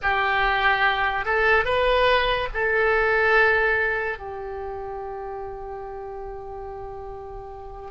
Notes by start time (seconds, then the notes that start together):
0.02 G4
1.25 A4
1.64 B4
2.53 A4
4.18 G4